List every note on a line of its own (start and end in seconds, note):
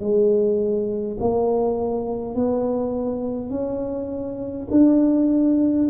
0.00 1.18 G#3
1.20 2.35 A#3
2.35 3.50 B3
3.50 4.68 C#4
4.71 5.89 D4